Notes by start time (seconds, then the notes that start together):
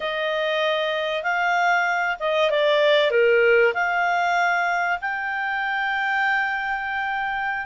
0.00 D#5
1.23 F5
2.19 D#5
2.50 D5
3.11 A#4
3.74 F5
5.01 G5